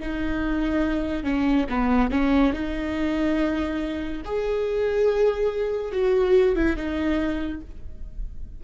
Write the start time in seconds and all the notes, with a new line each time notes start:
0.00 D#4
1.24 C#4
1.69 B3
2.11 C#4
2.54 D#4
4.25 G#4
5.92 F#4
6.56 E4
6.77 D#4